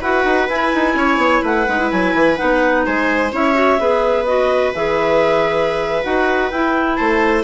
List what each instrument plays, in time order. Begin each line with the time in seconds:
0.00 bassoon E4, clarinet F#4 F#5, viola B4
0.24 bassoon D#4
0.48 bassoon E4, clarinet E4 G#5
0.74 bassoon D#4
0.94 bassoon C#4, viola C#5
1.17 bassoon B3
1.42 bassoon A3, viola B4, clarinet F#5
1.67 bassoon G#3, clarinet D#4
1.78 clarinet E4
1.91 bassoon F#3, clarinet G#5
2.14 bassoon E3
2.36 bassoon B3, clarinet D#4 F#5
2.84 bassoon G#3, viola C5, clarinet G#5
3.31 bassoon C#4, clarinet E4 E5, viola C#5
3.54 clarinet F#4
3.78 bassoon B3, clarinet G#4, viola B4
4.25 clarinet F#4 D#5
4.74 bassoon E3, clarinet G#4 E5
6.03 bassoon D#4, clarinet F#4 F#5
6.50 bassoon E4, clarinet E4 G5
6.95 bassoon A3, viola C5, clarinet A5